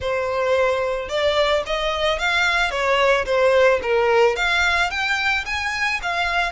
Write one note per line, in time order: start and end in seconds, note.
0.00 1.08 C5
1.08 1.63 D5
1.66 2.18 D#5
2.18 2.70 F5
2.70 3.25 C#5
3.25 3.80 C5
3.82 4.36 A#4
4.36 4.90 F5
4.90 5.44 G5
5.45 6.00 G#5
6.02 6.52 F5